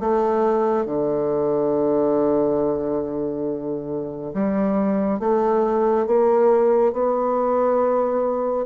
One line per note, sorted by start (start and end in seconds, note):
0.00 0.86 A3
0.86 4.34 D3
4.34 5.20 G3
5.20 6.07 A3
6.07 6.93 A#3
6.93 8.66 B3